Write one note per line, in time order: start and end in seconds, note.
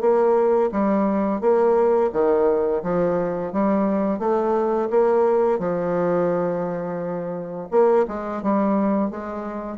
0.00 0.70 A#3
0.71 1.40 G3
1.40 2.10 A#3
2.12 2.82 D#3
2.83 3.52 F3
3.52 4.19 G3
4.19 4.89 A3
4.90 5.58 A#3
5.58 7.68 F3
7.71 8.05 A#3
8.08 8.42 G#3
8.42 9.10 G3
9.10 9.77 G#3